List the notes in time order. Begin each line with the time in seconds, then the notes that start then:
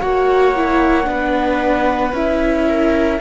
0.00 A#3 F#4 C#5 F#5
0.56 E4
1.05 B3 D4 B4
2.13 C#4 E4 E5
2.68 A#4